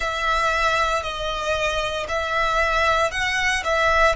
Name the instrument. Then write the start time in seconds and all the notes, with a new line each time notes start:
violin
0.00 E5
1.03 D#5
2.08 E5
3.11 F#5
3.63 E5